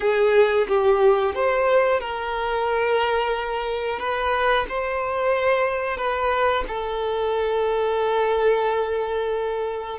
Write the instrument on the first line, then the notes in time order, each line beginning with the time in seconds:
violin
0.00 G#4
0.68 G4
1.34 C5
2.00 A#4
3.99 B4
4.68 C5
5.97 B4
6.67 A4